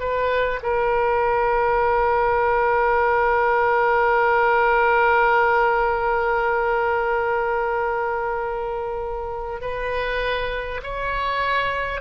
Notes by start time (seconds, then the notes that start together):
0.00 B4
0.63 A#4
9.61 B4
10.83 C#5